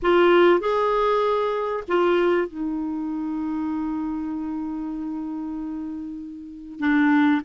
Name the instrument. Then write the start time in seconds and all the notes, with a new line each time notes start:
clarinet
0.02 F4
0.60 G#4
1.88 F4
2.47 D#4
6.79 D4